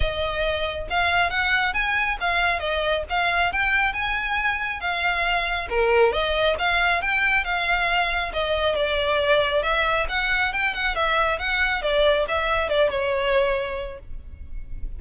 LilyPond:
\new Staff \with { instrumentName = "violin" } { \time 4/4 \tempo 4 = 137 dis''2 f''4 fis''4 | gis''4 f''4 dis''4 f''4 | g''4 gis''2 f''4~ | f''4 ais'4 dis''4 f''4 |
g''4 f''2 dis''4 | d''2 e''4 fis''4 | g''8 fis''8 e''4 fis''4 d''4 | e''4 d''8 cis''2~ cis''8 | }